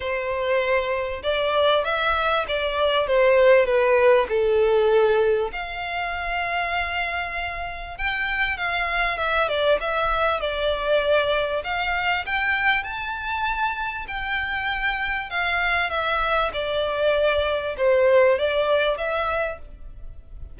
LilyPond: \new Staff \with { instrumentName = "violin" } { \time 4/4 \tempo 4 = 98 c''2 d''4 e''4 | d''4 c''4 b'4 a'4~ | a'4 f''2.~ | f''4 g''4 f''4 e''8 d''8 |
e''4 d''2 f''4 | g''4 a''2 g''4~ | g''4 f''4 e''4 d''4~ | d''4 c''4 d''4 e''4 | }